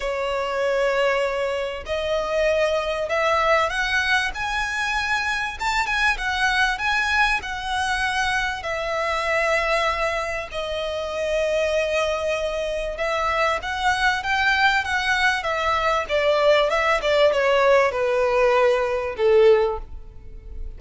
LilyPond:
\new Staff \with { instrumentName = "violin" } { \time 4/4 \tempo 4 = 97 cis''2. dis''4~ | dis''4 e''4 fis''4 gis''4~ | gis''4 a''8 gis''8 fis''4 gis''4 | fis''2 e''2~ |
e''4 dis''2.~ | dis''4 e''4 fis''4 g''4 | fis''4 e''4 d''4 e''8 d''8 | cis''4 b'2 a'4 | }